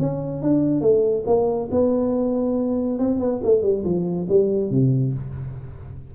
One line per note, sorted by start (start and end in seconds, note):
0.00 0.43 C#4
0.43 0.82 D4
0.82 1.24 A3
1.27 1.69 A#3
1.71 2.99 B3
2.99 3.20 C4
3.20 3.41 B3
3.44 3.63 A3
3.63 3.84 G3
3.85 4.27 F3
4.30 4.71 G3
4.71 5.14 C3